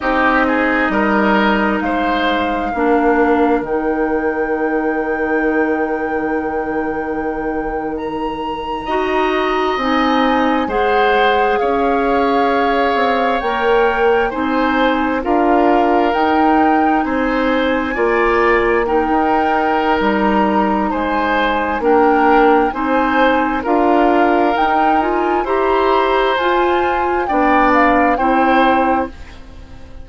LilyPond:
<<
  \new Staff \with { instrumentName = "flute" } { \time 4/4 \tempo 4 = 66 dis''2 f''2 | g''1~ | g''8. ais''2 gis''4 fis''16~ | fis''8. f''2 g''4 gis''16~ |
gis''8. f''4 g''4 gis''4~ gis''16~ | gis''8. g''4~ g''16 ais''4 gis''4 | g''4 gis''4 f''4 g''8 gis''8 | ais''4 gis''4 g''8 f''8 g''4 | }
  \new Staff \with { instrumentName = "oboe" } { \time 4/4 g'8 gis'8 ais'4 c''4 ais'4~ | ais'1~ | ais'4.~ ais'16 dis''2 c''16~ | c''8. cis''2. c''16~ |
c''8. ais'2 c''4 d''16~ | d''8. ais'2~ ais'16 c''4 | ais'4 c''4 ais'2 | c''2 d''4 c''4 | }
  \new Staff \with { instrumentName = "clarinet" } { \time 4/4 dis'2. d'4 | dis'1~ | dis'4.~ dis'16 fis'4 dis'4 gis'16~ | gis'2~ gis'8. ais'4 dis'16~ |
dis'8. f'4 dis'2 f'16~ | f'8. dis'2.~ dis'16 | d'4 dis'4 f'4 dis'8 f'8 | g'4 f'4 d'4 e'4 | }
  \new Staff \with { instrumentName = "bassoon" } { \time 4/4 c'4 g4 gis4 ais4 | dis1~ | dis4.~ dis16 dis'4 c'4 gis16~ | gis8. cis'4. c'8 ais4 c'16~ |
c'8. d'4 dis'4 c'4 ais16~ | ais4 dis'4 g4 gis4 | ais4 c'4 d'4 dis'4 | e'4 f'4 b4 c'4 | }
>>